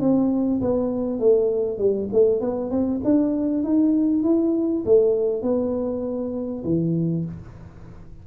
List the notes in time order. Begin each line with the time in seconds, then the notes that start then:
0.00 C4
0.61 B3
1.19 A3
1.79 G3
2.13 A3
2.41 B3
2.71 C4
3.04 D4
3.63 D#4
4.23 E4
4.85 A3
5.42 B3
6.64 E3